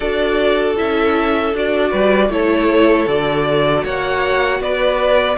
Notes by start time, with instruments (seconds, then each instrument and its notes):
0.00 cello D4, viola F#4, violin A4 D5
0.76 cello C#4, viola E4, violin E5
1.53 cello D4, viola F#4, violin D5
1.90 cello G3, violin B4
2.28 cello A3, viola E4, violin A4 C#5
3.07 cello D3, viola F#4, violin D5
3.83 cello A#3, violin C#5 F#5
4.59 cello B3, violin B4 D5